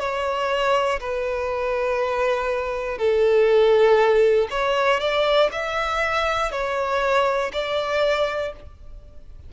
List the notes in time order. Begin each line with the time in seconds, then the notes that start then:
0.00 C#5
1.00 B4
2.98 A4
4.51 C#5
5.01 D5
5.52 E5
6.52 C#5
7.54 D5